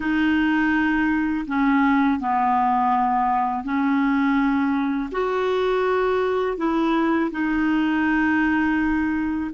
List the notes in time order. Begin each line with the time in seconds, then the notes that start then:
0.00 D#4
1.47 C#4
2.20 B3
3.64 C#4
5.11 F#4
6.57 E4
7.31 D#4